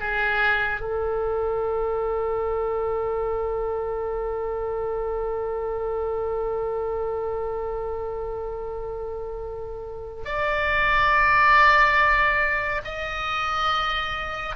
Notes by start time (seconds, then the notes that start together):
0.00 G#4
0.81 A4
10.25 D5
12.85 D#5